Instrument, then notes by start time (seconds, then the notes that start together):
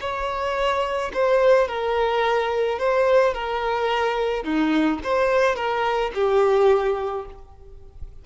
violin
0.00 C#5
1.13 C5
1.67 A#4
2.78 C5
3.34 A#4
4.44 D#4
5.03 C5
5.55 A#4
6.14 G4